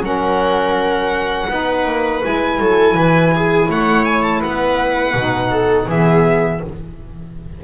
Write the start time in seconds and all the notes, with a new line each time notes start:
0.00 F#3 C#4 A#4 F#5
1.49 B3 D#4 B4
1.86 A#3
2.22 G#3 E4 G#5
2.59 F#3 A4
2.94 E3 B4
3.36 G#4
3.69 A3 C#5 F#5
4.05 G#5
4.23 A5
4.40 B3 B4 F#5
5.14 B2 D#4
5.50 A4
5.87 E3 B3 G#4 E5